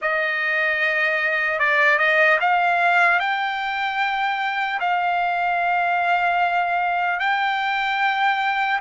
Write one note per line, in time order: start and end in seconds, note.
0.01 1.59 D#5
1.59 1.98 D5
1.98 2.38 D#5
2.40 3.19 F5
3.19 4.79 G5
4.80 7.19 F5
7.19 8.79 G5